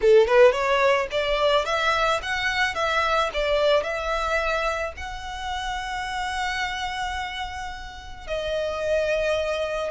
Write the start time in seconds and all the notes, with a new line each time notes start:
0.01 A4
0.27 B4
0.52 C#5
1.11 D5
1.65 E5
2.22 F#5
2.74 E5
3.33 D5
3.83 E5
4.97 F#5
8.27 D#5